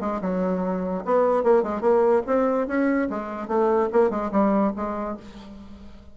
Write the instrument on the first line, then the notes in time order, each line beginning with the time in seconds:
bassoon
0.00 G#3
0.21 F#3
1.05 B3
1.43 A#3
1.63 G#3
1.81 A#3
2.26 C4
2.67 C#4
3.09 G#3
3.47 A3
3.92 A#3
4.10 G#3
4.31 G3
4.76 G#3